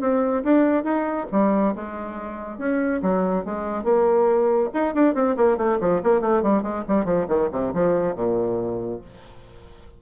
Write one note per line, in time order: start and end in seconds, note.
0.00 0.43 C4
0.43 0.83 D4
0.83 1.26 D#4
1.31 1.74 G3
1.75 2.58 G#3
2.58 3.01 C#4
3.02 3.44 F#3
3.44 3.83 G#3
3.83 4.69 A#3
4.74 4.94 D#4
4.94 5.14 D4
5.14 5.36 C4
5.36 5.57 A#3
5.57 5.78 A3
5.80 6.02 F3
6.03 6.21 A#3
6.21 6.42 A3
6.42 6.62 G3
6.62 6.84 G#3
6.88 7.05 G3
7.05 7.26 F3
7.28 7.49 D#3
7.52 7.73 C3
7.73 8.15 F3
8.15 9.01 A#2